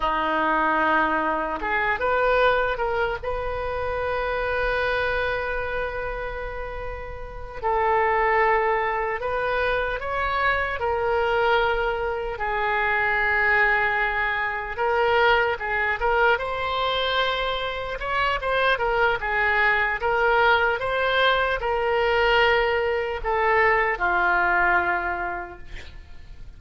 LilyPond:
\new Staff \with { instrumentName = "oboe" } { \time 4/4 \tempo 4 = 75 dis'2 gis'8 b'4 ais'8 | b'1~ | b'4. a'2 b'8~ | b'8 cis''4 ais'2 gis'8~ |
gis'2~ gis'8 ais'4 gis'8 | ais'8 c''2 cis''8 c''8 ais'8 | gis'4 ais'4 c''4 ais'4~ | ais'4 a'4 f'2 | }